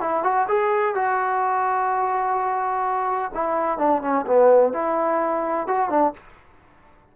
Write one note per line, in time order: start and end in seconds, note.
0.00 0.23 E4
0.23 0.47 F#4
0.48 0.95 G#4
0.95 3.31 F#4
3.34 3.78 E4
3.78 4.01 D4
4.02 4.25 C#4
4.26 4.73 B3
4.73 5.67 E4
5.67 5.89 F#4
5.89 6.13 D4